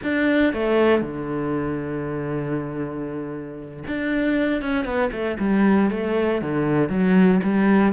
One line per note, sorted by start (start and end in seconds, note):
0.03 0.53 D4
0.53 1.01 A3
1.01 3.83 D3
3.87 4.61 D4
4.61 4.84 C#4
4.84 5.10 B3
5.12 5.37 A3
5.39 5.90 G3
5.90 6.41 A3
6.41 6.89 D3
6.89 7.40 F#3
7.43 7.92 G3